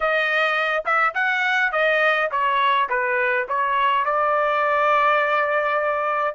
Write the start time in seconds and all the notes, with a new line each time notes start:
0.00 D#5
0.85 E5
1.14 F#5
1.72 D#5
2.31 C#5
2.89 B4
3.48 C#5
4.05 D5